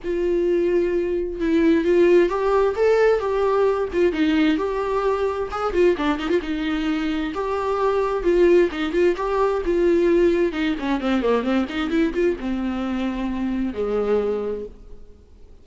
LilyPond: \new Staff \with { instrumentName = "viola" } { \time 4/4 \tempo 4 = 131 f'2. e'4 | f'4 g'4 a'4 g'4~ | g'8 f'8 dis'4 g'2 | gis'8 f'8 d'8 dis'16 f'16 dis'2 |
g'2 f'4 dis'8 f'8 | g'4 f'2 dis'8 cis'8 | c'8 ais8 c'8 dis'8 e'8 f'8 c'4~ | c'2 gis2 | }